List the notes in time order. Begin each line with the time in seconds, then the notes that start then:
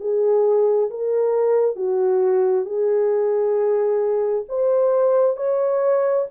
0.00 G#4
0.90 A#4
1.76 F#4
2.65 G#4
4.49 C5
5.36 C#5